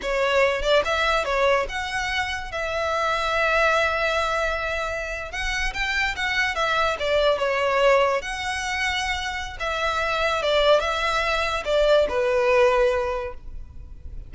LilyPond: \new Staff \with { instrumentName = "violin" } { \time 4/4 \tempo 4 = 144 cis''4. d''8 e''4 cis''4 | fis''2 e''2~ | e''1~ | e''8. fis''4 g''4 fis''4 e''16~ |
e''8. d''4 cis''2 fis''16~ | fis''2. e''4~ | e''4 d''4 e''2 | d''4 b'2. | }